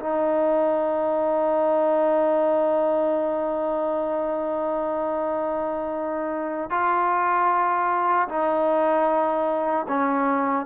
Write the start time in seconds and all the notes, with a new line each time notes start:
0.00 D#4
6.70 F4
8.29 D#4
9.88 C#4